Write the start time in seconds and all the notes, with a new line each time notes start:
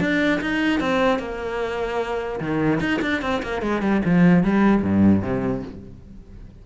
0.00 D4
0.41 D#4
0.80 C4
1.19 A#3
2.40 D#3
2.80 D#4
3.01 D4
3.22 C4
3.42 A#3
3.61 G#3
3.82 G3
4.05 F3
4.43 G3
4.82 G2
5.22 C3